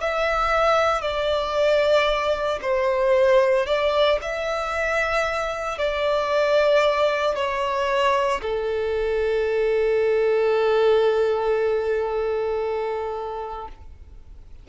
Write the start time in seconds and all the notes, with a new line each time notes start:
0.00 E5
1.01 D5
2.61 C5
3.66 D5
4.22 E5
5.78 D5
7.35 C#5
8.41 A4